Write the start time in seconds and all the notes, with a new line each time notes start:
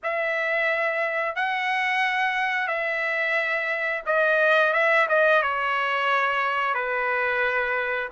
0.03 E5
1.35 F#5
2.67 E5
4.05 D#5
4.73 E5
5.08 D#5
5.42 C#5
6.74 B4